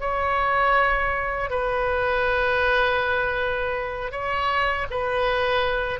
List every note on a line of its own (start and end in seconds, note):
0.00 1.50 C#5
1.50 4.11 B4
4.11 4.86 C#5
4.90 5.99 B4